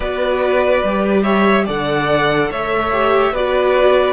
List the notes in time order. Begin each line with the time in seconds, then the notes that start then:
0.00 B3 F#4 B4 D5
0.83 G3 G4
1.22 C#5 E5
1.65 D3 A4 D5 F#5
2.50 A3 C#5 E5
2.92 G4
3.30 B3 F#4 B4 D5